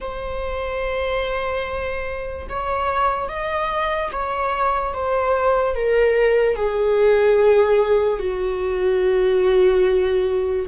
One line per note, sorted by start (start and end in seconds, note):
0.00 2.47 C5
2.49 3.28 C#5
3.28 4.11 D#5
4.12 4.93 C#5
4.93 5.75 C5
5.75 6.55 A#4
6.55 8.19 G#4
8.19 10.66 F#4